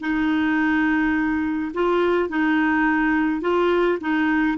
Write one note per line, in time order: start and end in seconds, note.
0.00 1.71 D#4
1.74 2.29 F4
2.29 3.41 D#4
3.41 3.98 F4
4.01 4.58 D#4